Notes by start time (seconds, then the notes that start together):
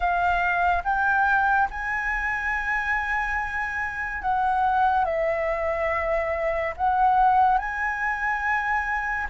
0.00 F5
0.84 G5
1.70 G#5
4.22 F#5
5.05 E5
6.76 F#5
7.58 G#5